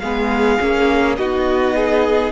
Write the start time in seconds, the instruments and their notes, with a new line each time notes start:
0.00 cello G#3, viola B3, violin G#4 F5
0.60 cello A#3, viola C#4
1.17 cello B3, viola D#4, violin F#4 D#5
1.76 violin G#4